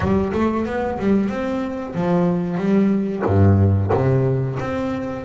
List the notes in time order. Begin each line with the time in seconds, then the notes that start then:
0.00 G3
0.33 A3
0.65 B3
0.98 G3
1.29 C4
1.94 F3
2.57 G3
3.25 G2
3.92 C3
4.59 C4